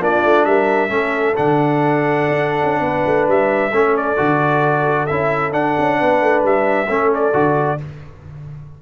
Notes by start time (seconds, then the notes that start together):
0.00 A#3 D4 F4 D5
0.24 A3
0.45 G3 A#4 E5
0.89 A3 C#4 A4
1.35 D3 D4 F#5
2.29 D4
2.64 C#4
2.81 B3 B4
3.06 A3
3.28 G3 E5
3.72 A3 C#4 A4
3.97 D5
4.17 D3 F#4
5.07 C#4 E4 E5
5.52 D4 F#5
5.79 C#4
5.99 B3 B4
6.22 A3
6.44 G3 E5
6.88 A3 C#4 A4
7.15 D5
7.33 D3 F#4